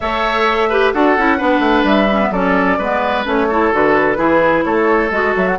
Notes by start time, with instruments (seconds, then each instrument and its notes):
0.00 bassoon A3, clarinet A4, oboe C#5, flute E5
0.69 clarinet G4, oboe B4
0.92 bassoon D4, clarinet F#4, oboe A4, flute F#5
1.17 bassoon C#4, clarinet E4
1.37 bassoon B3, clarinet D4, oboe B4
1.59 bassoon A3
1.83 bassoon G3, flute E5
2.12 clarinet C#4
2.21 clarinet B3
2.30 bassoon F#3, clarinet C#4, oboe A4, flute D5
2.78 bassoon G#3, clarinet B3, oboe B4
3.24 bassoon A3, clarinet C#4, flute C#5
3.49 clarinet E4, oboe A4
3.71 bassoon D3, clarinet F#4, flute B4
4.16 bassoon E3, clarinet E4, oboe G#4
4.63 bassoon A3, oboe A4, flute C#5
5.10 bassoon G#3, clarinet F#4, flute D#5
5.36 bassoon F#3, flute E5
5.47 flute F#5